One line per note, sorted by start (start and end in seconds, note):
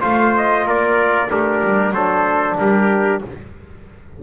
0.00 0.65 A3
0.00 1.28 F4
0.00 0.65 C5
0.00 0.35 F5
0.37 0.68 D#5
0.65 1.29 A#3
0.65 1.29 A#4
0.65 1.30 D5
1.30 1.62 A3
1.30 1.94 D4
1.30 1.93 G4
1.30 1.93 A#4
1.63 1.91 G3
1.91 2.55 F#3
1.91 3.22 D4
1.91 2.57 A4
1.91 2.57 C5
2.57 3.21 G3
2.57 3.23 G4
2.57 3.22 A#4